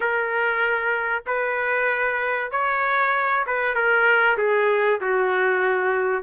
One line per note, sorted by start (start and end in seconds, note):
0.00 1.23 A#4
1.26 2.51 B4
2.51 3.45 C#5
3.46 3.74 B4
3.74 4.37 A#4
4.38 5.00 G#4
5.00 6.23 F#4